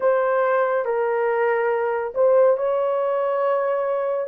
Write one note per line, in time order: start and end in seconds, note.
0.00 0.85 C5
0.85 2.13 A#4
2.14 2.57 C5
2.57 4.27 C#5